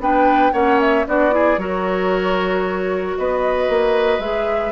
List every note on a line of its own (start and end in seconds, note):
0.00 0.53 B3
0.00 0.53 D4
0.00 0.53 B4
0.00 0.54 G5
0.53 1.06 A#3
0.53 1.06 C#4
0.53 1.06 C#5
0.53 0.80 F#5
0.81 1.07 E5
1.08 1.58 B3
1.08 1.31 D4
1.08 1.35 F#4
1.08 1.59 D5
1.31 1.58 E4
1.31 1.60 G#4
1.58 3.16 F#3
1.58 4.22 F#4
1.58 3.18 A#4
1.58 3.17 C#5
3.18 3.69 B3
3.18 4.72 B4
3.18 4.21 D#5
3.69 4.19 A#3
4.19 4.72 G#3
4.19 4.72 G#4
4.19 4.72 E5